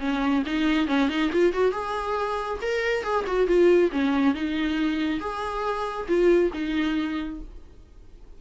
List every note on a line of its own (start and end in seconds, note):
0.00 0.43 C#4
0.46 0.88 D#4
0.88 1.09 C#4
1.09 1.31 D#4
1.32 1.53 F4
1.53 1.72 F#4
1.72 2.59 G#4
2.62 3.03 A#4
3.03 3.25 G#4
3.27 3.47 F#4
3.47 3.91 F4
3.92 4.35 C#4
4.35 5.20 D#4
5.20 6.07 G#4
6.08 6.52 F4
6.54 7.41 D#4